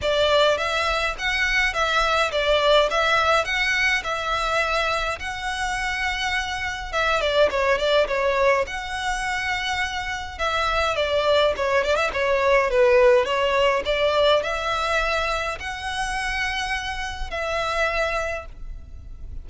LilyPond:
\new Staff \with { instrumentName = "violin" } { \time 4/4 \tempo 4 = 104 d''4 e''4 fis''4 e''4 | d''4 e''4 fis''4 e''4~ | e''4 fis''2. | e''8 d''8 cis''8 d''8 cis''4 fis''4~ |
fis''2 e''4 d''4 | cis''8 d''16 e''16 cis''4 b'4 cis''4 | d''4 e''2 fis''4~ | fis''2 e''2 | }